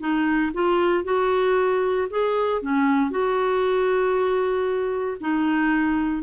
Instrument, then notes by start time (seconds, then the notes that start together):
clarinet
0.00 D#4
0.54 F4
1.04 F#4
2.10 G#4
2.62 C#4
3.11 F#4
5.21 D#4